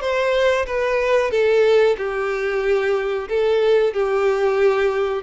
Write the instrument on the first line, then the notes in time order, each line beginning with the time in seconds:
violin
0.00 C5
0.66 B4
1.30 A4
1.97 G4
3.28 A4
3.93 G4